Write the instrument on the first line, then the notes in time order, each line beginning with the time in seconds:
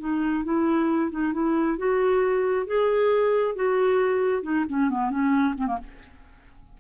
clarinet
0.00 D#4
0.44 E4
1.11 D#4
1.33 E4
1.78 F#4
2.67 G#4
3.56 F#4
4.43 D#4
4.69 C#4
4.90 B3
5.11 C#4
5.57 C4
5.67 A#3